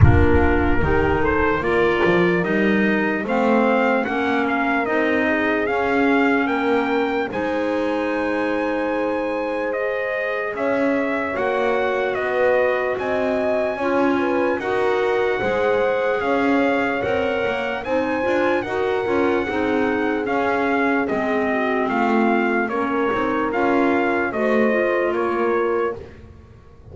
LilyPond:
<<
  \new Staff \with { instrumentName = "trumpet" } { \time 4/4 \tempo 4 = 74 ais'4. c''8 d''4 dis''4 | f''4 fis''8 f''8 dis''4 f''4 | g''4 gis''2. | dis''4 e''4 fis''4 dis''4 |
gis''2 fis''2 | f''4 fis''4 gis''4 fis''4~ | fis''4 f''4 dis''4 f''4 | cis''4 f''4 dis''4 cis''4 | }
  \new Staff \with { instrumentName = "horn" } { \time 4/4 f'4 g'8 a'8 ais'2 | c''4 ais'4. gis'4. | ais'4 c''2.~ | c''4 cis''2 b'4 |
dis''4 cis''8 b'8 ais'4 c''4 | cis''2 c''4 ais'4 | gis'2~ gis'8 fis'8 f'4 | ais'2 c''4 ais'4 | }
  \new Staff \with { instrumentName = "clarinet" } { \time 4/4 d'4 dis'4 f'4 dis'4 | c'4 cis'4 dis'4 cis'4~ | cis'4 dis'2. | gis'2 fis'2~ |
fis'4 f'4 fis'4 gis'4~ | gis'4 ais'4 dis'8 f'8 fis'8 f'8 | dis'4 cis'4 c'2 | cis'8 dis'8 f'4 fis'8 f'4. | }
  \new Staff \with { instrumentName = "double bass" } { \time 4/4 ais4 dis4 ais8 f8 g4 | a4 ais4 c'4 cis'4 | ais4 gis2.~ | gis4 cis'4 ais4 b4 |
c'4 cis'4 dis'4 gis4 | cis'4 c'8 ais8 c'8 d'8 dis'8 cis'8 | c'4 cis'4 gis4 a4 | ais8 c'8 cis'4 a4 ais4 | }
>>